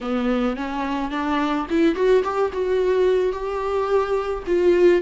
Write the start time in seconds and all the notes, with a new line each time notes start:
0.01 B3
0.56 C#4
1.10 D4
1.69 E4
1.95 F#4
2.23 G4
2.53 F#4
3.32 G4
4.46 F4